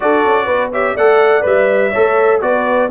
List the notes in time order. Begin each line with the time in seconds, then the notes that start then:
0.00 D4 F#4 A4 D5
0.25 C#4
0.45 B3 B4
0.72 G4 C#5 E5
0.94 A3 A4 D5 F#5
1.41 G3 B4 E5
1.91 A3 A4 C#5
2.41 B3 F#4 B4 D5